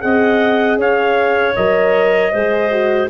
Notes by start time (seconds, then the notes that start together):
0.00 C4 G#4 D#5 F#5
0.77 C#4 C#5 F5
1.56 F#3 A#4 D#5
2.32 G#3 G#4 C5
2.71 F#4